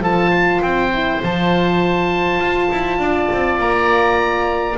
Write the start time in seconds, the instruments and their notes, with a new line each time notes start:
0.00 double bass F3, horn F4, oboe A4 A5
0.30 oboe C5
0.62 double bass C4, oboe G5
0.93 horn E4
1.21 double bass F3, horn F4, oboe A5
2.39 double bass F4
2.71 double bass E4
2.99 double bass D4, oboe D5
3.32 double bass C4
3.59 double bass A#3, oboe A#5